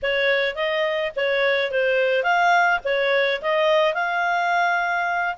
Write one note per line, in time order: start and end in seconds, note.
0.02 0.55 C#5
0.55 1.11 D#5
1.16 1.71 C#5
1.71 2.23 C5
2.23 2.79 F5
2.84 3.41 C#5
3.41 3.94 D#5
3.94 5.35 F5